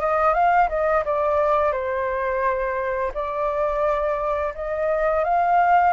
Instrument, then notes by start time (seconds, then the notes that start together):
flute
0.00 D#5
0.33 F5
0.68 D#5
1.05 D5
1.72 C5
3.14 D5
4.54 D#5
5.24 F5